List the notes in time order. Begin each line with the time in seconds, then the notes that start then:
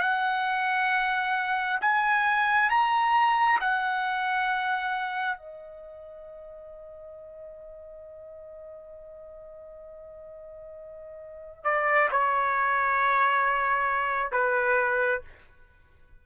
0.00 F#5
1.81 G#5
2.69 A#5
3.61 F#5
5.37 D#5
11.64 D5
12.11 C#5
14.32 B4